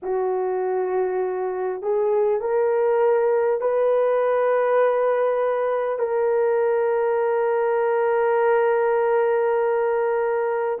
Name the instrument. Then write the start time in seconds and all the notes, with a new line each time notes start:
horn
0.02 F#4
1.82 G#4
2.40 A#4
3.61 B4
5.98 A#4